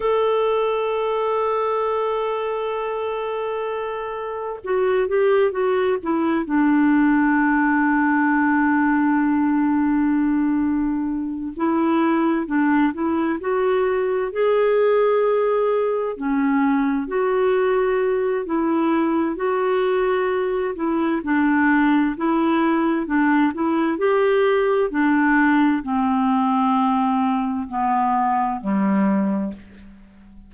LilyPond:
\new Staff \with { instrumentName = "clarinet" } { \time 4/4 \tempo 4 = 65 a'1~ | a'4 fis'8 g'8 fis'8 e'8 d'4~ | d'1~ | d'8 e'4 d'8 e'8 fis'4 gis'8~ |
gis'4. cis'4 fis'4. | e'4 fis'4. e'8 d'4 | e'4 d'8 e'8 g'4 d'4 | c'2 b4 g4 | }